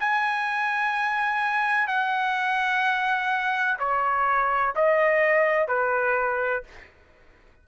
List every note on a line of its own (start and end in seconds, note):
0.00 1.88 G#5
1.88 3.78 F#5
3.80 4.75 C#5
4.76 5.68 D#5
5.68 6.64 B4